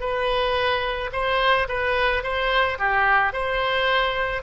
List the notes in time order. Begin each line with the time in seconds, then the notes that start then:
0.00 B4
1.12 C5
1.68 B4
2.23 C5
2.78 G4
3.33 C5